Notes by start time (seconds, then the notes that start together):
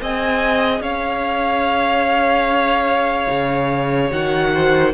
0.00 C4 G#4 D#5 G#5
0.80 C#4 C#5 F5
3.29 C#3
4.10 D#3 F#4 F#5
4.54 C5